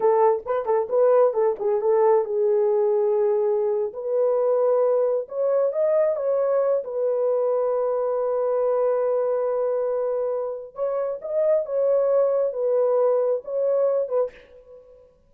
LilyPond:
\new Staff \with { instrumentName = "horn" } { \time 4/4 \tempo 4 = 134 a'4 b'8 a'8 b'4 a'8 gis'8 | a'4 gis'2.~ | gis'8. b'2. cis''16~ | cis''8. dis''4 cis''4. b'8.~ |
b'1~ | b'1 | cis''4 dis''4 cis''2 | b'2 cis''4. b'8 | }